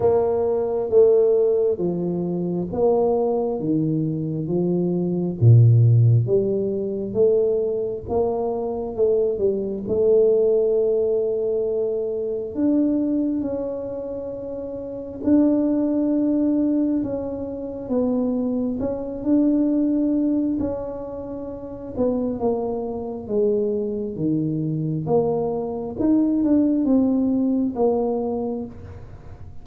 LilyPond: \new Staff \with { instrumentName = "tuba" } { \time 4/4 \tempo 4 = 67 ais4 a4 f4 ais4 | dis4 f4 ais,4 g4 | a4 ais4 a8 g8 a4~ | a2 d'4 cis'4~ |
cis'4 d'2 cis'4 | b4 cis'8 d'4. cis'4~ | cis'8 b8 ais4 gis4 dis4 | ais4 dis'8 d'8 c'4 ais4 | }